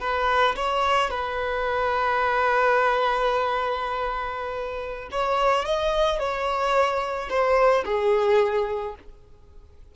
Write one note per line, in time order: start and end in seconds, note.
0.00 0.55 B4
0.56 1.10 C#5
1.10 5.09 B4
5.11 5.65 C#5
5.65 6.19 D#5
6.19 7.29 C#5
7.29 7.84 C5
7.85 8.95 G#4